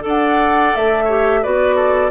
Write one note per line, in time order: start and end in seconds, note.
0.00 0.74 D4
0.00 1.05 A4
0.00 1.04 D5
0.06 0.75 F#5
0.75 1.45 A3
0.75 1.43 E5
1.04 1.43 G4
1.04 1.39 C#5
1.42 2.10 B3
1.42 2.10 F#4
1.42 1.75 B4
1.42 2.10 D5
1.75 2.10 A4